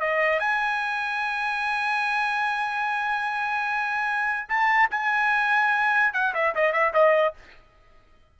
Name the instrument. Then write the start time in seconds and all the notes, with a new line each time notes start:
trumpet
0.00 D#5
0.39 G#5
4.48 A5
4.91 G#5
6.13 F#5
6.34 E5
6.55 D#5
6.73 E5
6.93 D#5